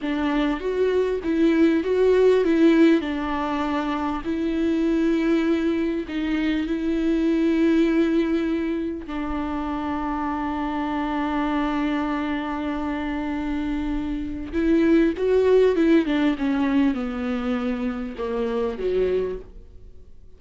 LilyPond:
\new Staff \with { instrumentName = "viola" } { \time 4/4 \tempo 4 = 99 d'4 fis'4 e'4 fis'4 | e'4 d'2 e'4~ | e'2 dis'4 e'4~ | e'2. d'4~ |
d'1~ | d'1 | e'4 fis'4 e'8 d'8 cis'4 | b2 ais4 fis4 | }